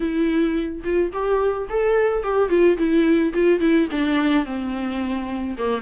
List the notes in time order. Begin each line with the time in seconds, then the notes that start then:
0.00 E4
0.84 F4
1.12 G4
1.69 A4
2.23 G4
2.49 F4
2.77 E4
3.33 F4
3.60 E4
3.91 D4
4.45 C4
5.58 A#3